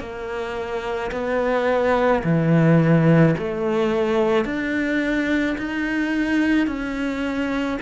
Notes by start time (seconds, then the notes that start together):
0.00 A#3
1.12 B3
2.24 E3
3.38 A3
4.45 D4
5.58 D#4
6.68 C#4